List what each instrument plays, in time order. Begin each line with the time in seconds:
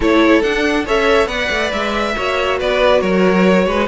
0.00 cello A3, viola E4, violin A4 C#5
0.42 viola D4, cello D4, violin F#5
0.85 cello C#4, viola A4, violin C#5 E5
1.26 cello B3, viola B4, violin D5 F#5
1.50 cello A3
1.72 cello G#3, violin E5
2.15 cello A#3, viola F#4, violin C#5
2.58 cello B3, violin B4 D5
3.01 cello F#3, violin A#4 C#5
3.66 cello G#3, violin B4